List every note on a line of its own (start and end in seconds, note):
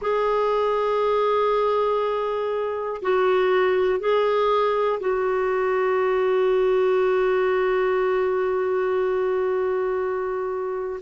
0.01 3.01 G#4
3.02 3.99 F#4
3.99 4.99 G#4
5.00 11.00 F#4